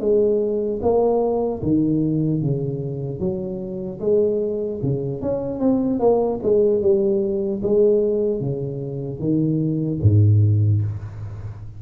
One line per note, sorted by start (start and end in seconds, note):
0.00 0.80 G#3
0.82 1.62 A#3
1.63 2.41 D#3
2.41 3.20 C#3
3.20 4.00 F#3
4.00 4.80 G#3
4.83 5.21 C#3
5.21 5.60 C#4
5.60 6.00 C4
6.00 6.40 A#3
6.43 6.81 G#3
6.81 7.61 G3
7.62 8.40 G#3
8.40 9.19 C#3
9.19 9.99 D#3
10.02 10.82 G#2